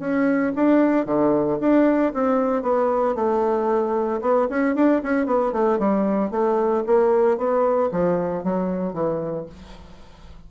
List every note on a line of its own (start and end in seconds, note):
0.00 0.53 C#4
0.56 1.06 D4
1.06 1.59 D3
1.61 2.13 D4
2.14 2.63 C4
2.63 3.16 B3
3.16 4.21 A3
4.22 4.48 B3
4.50 4.76 C#4
4.76 5.02 D4
5.03 5.27 C#4
5.27 5.53 B3
5.53 5.79 A3
5.79 6.31 G3
6.31 6.84 A3
6.87 7.38 A#3
7.38 7.91 B3
7.92 8.44 F3
8.44 8.94 F#3
8.94 9.46 E3